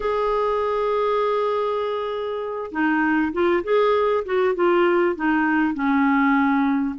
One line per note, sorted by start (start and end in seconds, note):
0.00 2.71 G#4
2.71 3.32 D#4
3.32 3.63 F4
3.63 4.24 G#4
4.25 4.55 F#4
4.55 5.15 F4
5.15 5.74 D#4
5.74 6.95 C#4